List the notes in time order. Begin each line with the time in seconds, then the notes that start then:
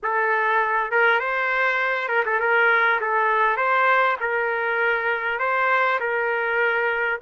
0.02 A4
0.91 A#4
1.19 C5
2.08 A#4
2.25 A4
2.40 A#4
3.00 A4
3.56 C5
4.20 A#4
5.39 C5
6.00 A#4